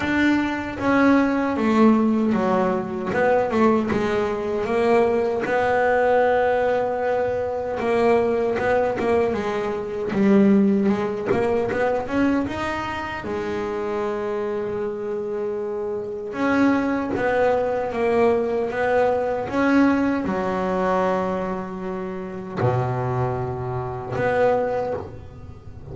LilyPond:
\new Staff \with { instrumentName = "double bass" } { \time 4/4 \tempo 4 = 77 d'4 cis'4 a4 fis4 | b8 a8 gis4 ais4 b4~ | b2 ais4 b8 ais8 | gis4 g4 gis8 ais8 b8 cis'8 |
dis'4 gis2.~ | gis4 cis'4 b4 ais4 | b4 cis'4 fis2~ | fis4 b,2 b4 | }